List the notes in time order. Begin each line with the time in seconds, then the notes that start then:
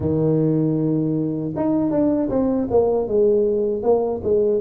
0.00 D#3
1.56 D#4
1.91 D4
2.29 C4
2.70 A#3
3.07 G#3
3.83 A#3
4.23 G#3